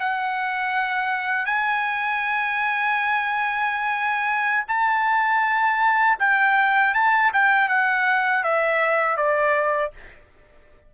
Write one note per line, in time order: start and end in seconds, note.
0.00 1.46 F#5
1.46 4.65 G#5
4.68 6.18 A5
6.19 6.94 G5
6.94 7.32 A5
7.33 7.69 G5
7.69 8.44 F#5
8.44 9.17 E5
9.17 9.92 D5